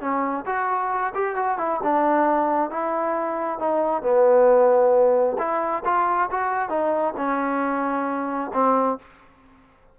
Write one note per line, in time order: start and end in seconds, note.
0.00 0.45 C#4
0.46 1.13 F#4
1.14 1.35 G4
1.35 1.58 F#4
1.58 1.80 E4
1.83 2.70 D4
2.70 3.59 E4
3.59 4.02 D#4
4.02 5.36 B3
5.38 5.83 E4
5.85 6.29 F4
6.31 6.69 F#4
6.69 7.14 D#4
7.17 8.51 C#4
8.53 8.98 C4